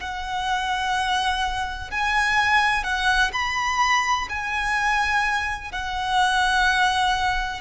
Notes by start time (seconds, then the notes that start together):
0.00 F#5
1.90 G#5
2.83 F#5
3.32 B5
4.29 G#5
5.71 F#5